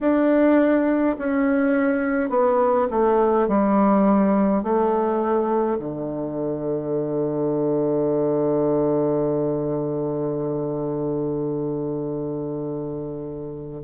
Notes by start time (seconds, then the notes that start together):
0.01 D4
1.18 C#4
2.29 B3
2.90 A3
3.48 G3
4.63 A3
5.78 D3